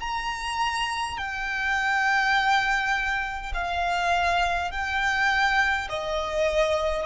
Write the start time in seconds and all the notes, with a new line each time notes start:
0.00 A#5
1.18 G5
3.53 F5
4.71 G5
5.89 D#5